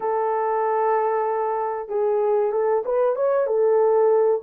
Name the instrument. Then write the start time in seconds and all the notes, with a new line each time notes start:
horn
0.00 A4
1.89 G#4
2.51 A4
2.84 B4
3.15 C#5
3.47 A4